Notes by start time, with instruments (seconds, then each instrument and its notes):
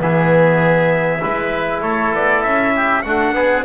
0.00 double bass E3, trombone B3, oboe G#4, trumpet E5
1.20 double bass G#3, trombone E4, oboe B4
1.82 double bass A3, oboe A4, trumpet C#5
2.13 double bass B3, trumpet D5
2.43 double bass C#4, trumpet E5
2.76 oboe G4
3.03 trombone A3, double bass D4, oboe F#4, trumpet F#5
3.34 trombone B3, oboe G#4